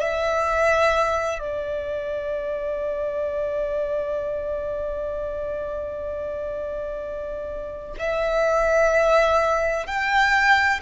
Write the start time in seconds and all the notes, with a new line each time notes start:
0.00 E5
1.39 D5
7.99 E5
9.87 G5